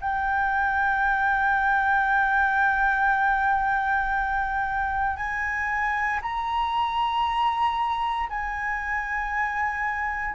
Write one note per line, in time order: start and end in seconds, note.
0.00 5.16 G5
5.16 6.20 G#5
6.22 8.29 A#5
8.29 10.34 G#5